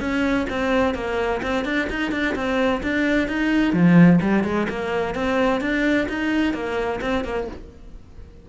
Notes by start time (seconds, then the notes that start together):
0.00 C#4
0.49 C4
0.95 A#3
1.42 C4
1.65 D4
1.89 D#4
2.11 D4
2.35 C4
2.83 D4
3.28 D#4
3.73 F3
4.21 G3
4.44 G#3
4.69 A#3
5.15 C4
5.61 D4
6.09 D#4
6.54 A#3
7.01 C4
7.24 A#3